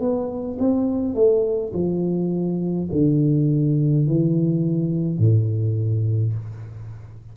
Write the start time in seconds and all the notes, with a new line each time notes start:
0.00 B3
0.59 C4
1.14 A3
1.74 F3
2.92 D3
4.07 E3
5.18 A2